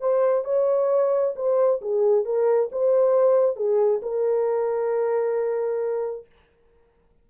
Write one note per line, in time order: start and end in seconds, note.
0.00 0.44 C5
0.44 1.34 C#5
1.36 1.80 C5
1.81 2.25 G#4
2.25 2.69 A#4
2.72 3.56 C5
3.56 4.01 G#4
4.02 6.26 A#4